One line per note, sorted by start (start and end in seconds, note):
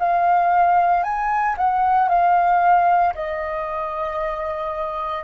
0.00 1.04 F5
1.04 1.56 G#5
1.58 2.09 F#5
2.09 3.14 F5
3.15 5.24 D#5